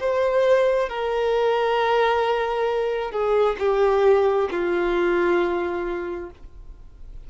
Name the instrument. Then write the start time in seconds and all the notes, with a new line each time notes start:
violin
0.00 C5
0.90 A#4
3.11 G#4
3.59 G4
4.51 F4